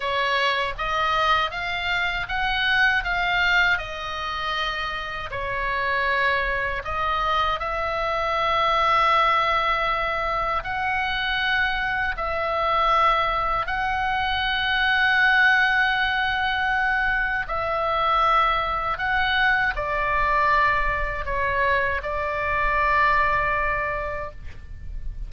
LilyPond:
\new Staff \with { instrumentName = "oboe" } { \time 4/4 \tempo 4 = 79 cis''4 dis''4 f''4 fis''4 | f''4 dis''2 cis''4~ | cis''4 dis''4 e''2~ | e''2 fis''2 |
e''2 fis''2~ | fis''2. e''4~ | e''4 fis''4 d''2 | cis''4 d''2. | }